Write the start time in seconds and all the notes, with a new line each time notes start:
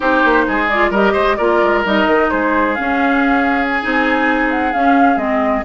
0.00 C4 D#4 G4 C5
0.24 A#3
0.47 G#3 G#4
0.68 F4 D5
0.90 G3 G4 A#4 D#5
1.13 G#3 C5
1.36 A#3 F4 A#4 D5
1.62 G#3
1.84 G3 D#4 D#5
2.06 D#3
2.30 G#3 G#4 C5
2.75 C#4 F5
3.68 G#5
3.81 C4 D#4
4.50 F#5
4.72 C#4 F5
5.16 G#3 C4 D#5